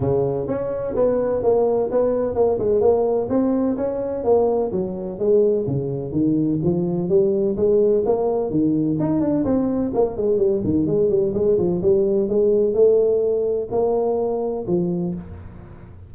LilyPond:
\new Staff \with { instrumentName = "tuba" } { \time 4/4 \tempo 4 = 127 cis4 cis'4 b4 ais4 | b4 ais8 gis8 ais4 c'4 | cis'4 ais4 fis4 gis4 | cis4 dis4 f4 g4 |
gis4 ais4 dis4 dis'8 d'8 | c'4 ais8 gis8 g8 dis8 gis8 g8 | gis8 f8 g4 gis4 a4~ | a4 ais2 f4 | }